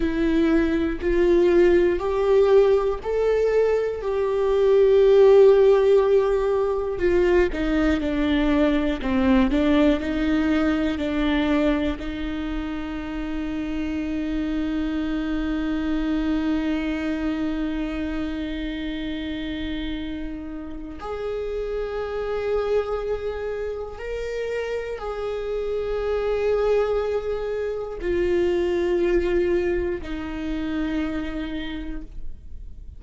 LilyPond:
\new Staff \with { instrumentName = "viola" } { \time 4/4 \tempo 4 = 60 e'4 f'4 g'4 a'4 | g'2. f'8 dis'8 | d'4 c'8 d'8 dis'4 d'4 | dis'1~ |
dis'1~ | dis'4 gis'2. | ais'4 gis'2. | f'2 dis'2 | }